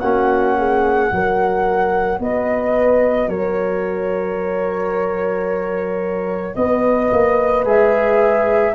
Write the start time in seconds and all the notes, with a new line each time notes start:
0.00 A#3 C#4 F#4 F#5
0.58 G#4
1.10 F#3 F#4 A#4
2.19 B3 B4 D#5
3.28 F#3 A#4 C#5
6.55 B3 B4 D#5
7.12 A#3
7.65 G#3 G#4 E5